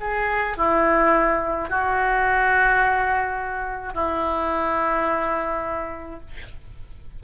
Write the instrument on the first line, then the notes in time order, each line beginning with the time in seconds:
oboe
0.00 G#4
0.57 E4
1.69 F#4
3.94 E4